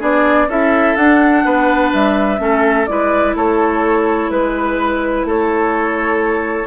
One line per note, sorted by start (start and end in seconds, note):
0.00 0.48 B3
0.00 0.48 D4
0.00 0.48 G#4
0.00 0.50 D5
0.48 0.95 C#4
0.48 0.97 E4
0.48 1.44 A4
0.48 0.96 E5
0.96 1.44 D4
0.96 2.39 D4
0.96 1.91 F#5
1.45 1.92 B3
1.45 2.41 B4
1.93 2.39 G3
1.93 2.87 E5
2.39 2.87 A3
2.39 2.86 C#4
2.39 2.89 A4
2.87 3.35 G#3
2.87 6.67 E4
2.87 3.36 B4
2.87 3.34 D5
3.35 4.30 A3
3.35 4.31 A4
3.35 4.30 C#5
4.30 5.25 G#3
4.30 5.26 B4
4.30 5.27 B4
5.25 6.67 A3
5.25 6.67 A4
5.25 6.67 C#5